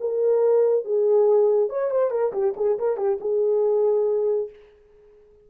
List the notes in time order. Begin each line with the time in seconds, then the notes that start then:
0.00 A#4
0.84 G#4
1.69 C#5
1.90 C5
2.10 A#4
2.32 G4
2.56 G#4
2.78 A#4
2.96 G4
3.20 G#4